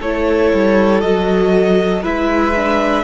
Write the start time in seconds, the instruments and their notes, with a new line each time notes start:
0.00 cello A3, viola E4, violin A4 C#5
0.54 cello G3
1.01 cello F#3, viola F#4, violin D#5
2.02 cello G#3, viola E4, violin B4 E5
2.56 viola D4